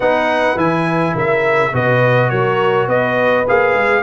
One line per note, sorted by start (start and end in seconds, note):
0.00 0.56 B3
0.00 0.56 D#4
0.00 1.12 B4
0.00 0.58 F#5
0.56 1.13 E3
0.56 1.72 E4
0.56 1.16 G#5
1.14 1.72 C#3
1.14 1.72 A#4
1.14 1.75 E5
1.72 2.31 B2
1.72 3.46 F#4
1.72 2.29 B4
1.72 2.29 D#5
2.29 2.87 F#3
2.29 2.87 A#4
2.29 2.87 C#5
2.87 3.44 B3
2.87 4.03 B4
2.87 3.46 D#5
3.48 3.73 A#3
3.48 4.03 G#4
3.48 4.03 F5
3.73 4.02 G#3